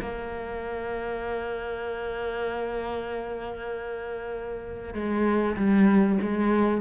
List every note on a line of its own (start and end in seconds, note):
0.00 4.94 A#3
4.94 5.56 G#3
5.56 6.18 G3
6.22 6.81 G#3